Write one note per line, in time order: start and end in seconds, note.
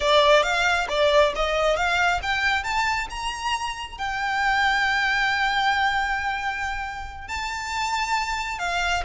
0.00 0.43 D5
0.43 0.87 F5
0.88 1.33 D5
1.35 1.76 D#5
1.76 2.20 F5
2.22 2.63 G5
2.63 3.07 A5
3.10 3.98 A#5
3.98 7.28 G5
7.28 8.58 A5
8.58 9.03 F5